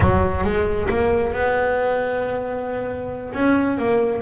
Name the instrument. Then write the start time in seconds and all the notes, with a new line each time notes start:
double bass
0.00 F#3
0.43 G#3
0.89 A#3
1.33 B3
3.33 C#4
3.78 A#3